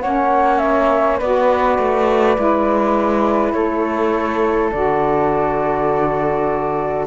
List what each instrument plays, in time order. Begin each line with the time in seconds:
0.00 cello A#3, saxophone C#4, flute C#5 F#5
0.58 flute E5
1.18 cello B3, saxophone F#4, flute B4 D5
1.78 cello A3
2.35 cello G#3, saxophone E4
3.52 cello A3, flute A4 C#5
4.71 cello D3, saxophone F#4, flute D5